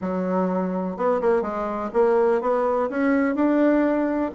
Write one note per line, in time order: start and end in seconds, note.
0.01 0.96 F#3
0.96 1.20 B3
1.21 1.42 A#3
1.42 1.90 G#3
1.93 2.41 A#3
2.41 2.89 B3
2.89 3.35 C#4
3.35 4.31 D4